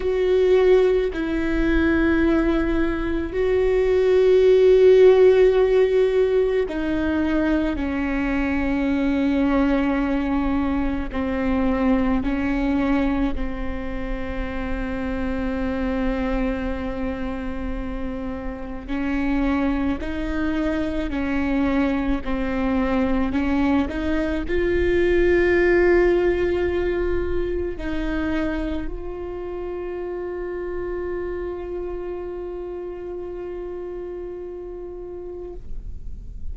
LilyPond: \new Staff \with { instrumentName = "viola" } { \time 4/4 \tempo 4 = 54 fis'4 e'2 fis'4~ | fis'2 dis'4 cis'4~ | cis'2 c'4 cis'4 | c'1~ |
c'4 cis'4 dis'4 cis'4 | c'4 cis'8 dis'8 f'2~ | f'4 dis'4 f'2~ | f'1 | }